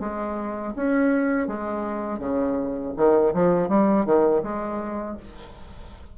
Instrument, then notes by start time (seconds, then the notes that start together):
bassoon
0.00 G#3
0.76 C#4
1.47 G#3
2.19 C#3
2.97 D#3
3.34 F3
3.69 G3
4.06 D#3
4.43 G#3